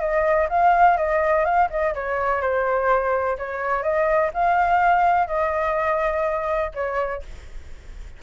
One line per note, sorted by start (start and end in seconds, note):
0.00 0.48 D#5
0.49 0.97 F5
0.97 1.45 D#5
1.45 1.69 F5
1.70 1.94 D#5
1.94 2.41 C#5
2.41 3.37 C5
3.38 3.82 C#5
3.82 4.30 D#5
4.34 5.27 F5
5.27 6.71 D#5
6.74 7.22 C#5